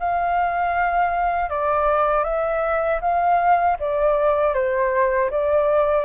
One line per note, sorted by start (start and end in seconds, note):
0.00 1.50 F5
1.50 2.24 D5
2.24 3.00 E5
3.01 3.77 F5
3.80 4.54 D5
4.54 5.30 C5
5.31 6.05 D5